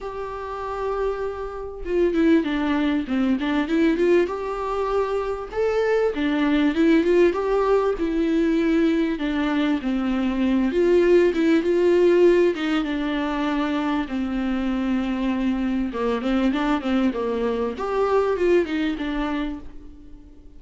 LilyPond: \new Staff \with { instrumentName = "viola" } { \time 4/4 \tempo 4 = 98 g'2. f'8 e'8 | d'4 c'8 d'8 e'8 f'8 g'4~ | g'4 a'4 d'4 e'8 f'8 | g'4 e'2 d'4 |
c'4. f'4 e'8 f'4~ | f'8 dis'8 d'2 c'4~ | c'2 ais8 c'8 d'8 c'8 | ais4 g'4 f'8 dis'8 d'4 | }